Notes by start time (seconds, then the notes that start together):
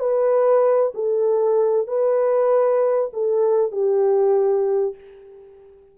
0.00 B4
0.95 A4
1.88 B4
3.14 A4
3.72 G4